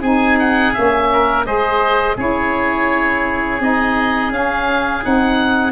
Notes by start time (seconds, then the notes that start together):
0.00 C4 D#4 G#4 G#5
0.39 F#5
0.73 A#3 C#4 E5
1.12 A#4
1.44 G#3 G#4 C5 D#5
2.16 C#4 E4 G#4 C#5
3.60 C4 D#4 D#5
4.30 C#4 F5
5.01 C4 D#4 F#5